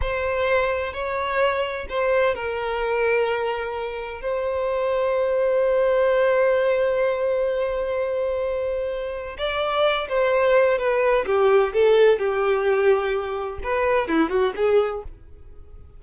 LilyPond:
\new Staff \with { instrumentName = "violin" } { \time 4/4 \tempo 4 = 128 c''2 cis''2 | c''4 ais'2.~ | ais'4 c''2.~ | c''1~ |
c''1 | d''4. c''4. b'4 | g'4 a'4 g'2~ | g'4 b'4 e'8 fis'8 gis'4 | }